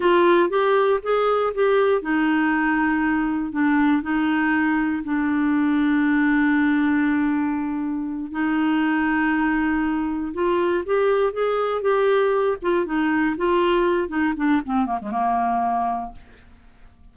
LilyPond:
\new Staff \with { instrumentName = "clarinet" } { \time 4/4 \tempo 4 = 119 f'4 g'4 gis'4 g'4 | dis'2. d'4 | dis'2 d'2~ | d'1~ |
d'8 dis'2.~ dis'8~ | dis'8 f'4 g'4 gis'4 g'8~ | g'4 f'8 dis'4 f'4. | dis'8 d'8 c'8 ais16 gis16 ais2 | }